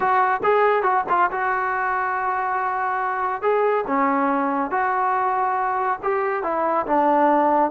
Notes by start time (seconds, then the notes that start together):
0.00 F#4
0.43 G#4
0.83 F#4
1.09 F4
1.31 F#4
3.42 G#4
3.87 C#4
4.70 F#4
6.03 G4
6.43 E4
6.86 D4